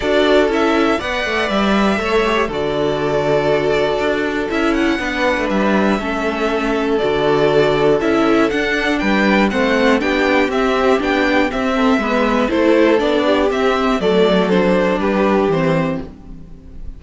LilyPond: <<
  \new Staff \with { instrumentName = "violin" } { \time 4/4 \tempo 4 = 120 d''4 e''4 fis''4 e''4~ | e''4 d''2.~ | d''4 e''8 fis''4. e''4~ | e''2 d''2 |
e''4 fis''4 g''4 fis''4 | g''4 e''4 g''4 e''4~ | e''4 c''4 d''4 e''4 | d''4 c''4 b'4 c''4 | }
  \new Staff \with { instrumentName = "violin" } { \time 4/4 a'2 d''2 | cis''4 a'2.~ | a'2 b'2 | a'1~ |
a'2 b'4 c''4 | g'2.~ g'8 a'8 | b'4 a'4. g'4. | a'2 g'2 | }
  \new Staff \with { instrumentName = "viola" } { \time 4/4 fis'4 e'4 b'2 | a'8 g'8 fis'2.~ | fis'4 e'4 d'2 | cis'2 fis'2 |
e'4 d'2 c'4 | d'4 c'4 d'4 c'4 | b4 e'4 d'4 c'4 | a4 d'2 c'4 | }
  \new Staff \with { instrumentName = "cello" } { \time 4/4 d'4 cis'4 b8 a8 g4 | a4 d2. | d'4 cis'4 b8. a16 g4 | a2 d2 |
cis'4 d'4 g4 a4 | b4 c'4 b4 c'4 | gis4 a4 b4 c'4 | fis2 g4 e4 | }
>>